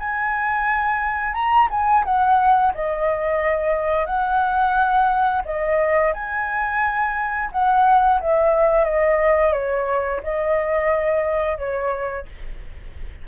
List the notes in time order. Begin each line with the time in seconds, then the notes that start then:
0.00 G#5
1.34 A#5
1.71 G#5
2.05 F#5
2.75 D#5
4.06 F#5
5.45 D#5
6.14 G#5
7.52 F#5
8.21 E5
8.85 D#5
9.53 C#5
10.23 D#5
11.58 C#5